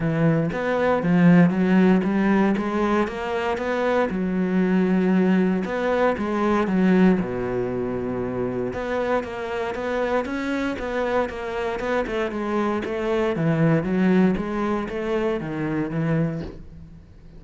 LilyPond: \new Staff \with { instrumentName = "cello" } { \time 4/4 \tempo 4 = 117 e4 b4 f4 fis4 | g4 gis4 ais4 b4 | fis2. b4 | gis4 fis4 b,2~ |
b,4 b4 ais4 b4 | cis'4 b4 ais4 b8 a8 | gis4 a4 e4 fis4 | gis4 a4 dis4 e4 | }